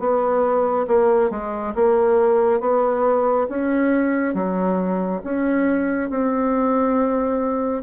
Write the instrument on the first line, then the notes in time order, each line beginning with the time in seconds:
bassoon
0.00 B3
0.88 A#3
1.31 G#3
1.75 A#3
2.61 B3
3.49 C#4
4.35 F#3
5.25 C#4
6.10 C4